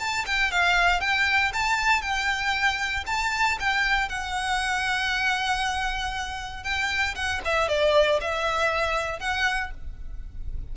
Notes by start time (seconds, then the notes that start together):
0.00 A5
0.26 G5
0.52 F5
1.01 G5
1.54 A5
2.02 G5
3.07 A5
3.60 G5
4.09 F#5
6.64 G5
7.16 F#5
7.45 E5
7.69 D5
8.21 E5
9.20 F#5